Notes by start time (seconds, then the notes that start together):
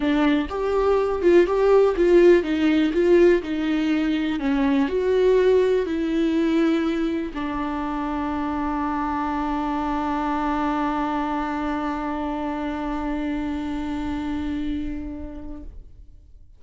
0.00 D4
0.49 G4
1.22 F4
1.46 G4
1.96 F4
2.43 D#4
2.93 F4
3.42 D#4
4.39 C#4
4.88 F#4
5.86 E4
7.33 D4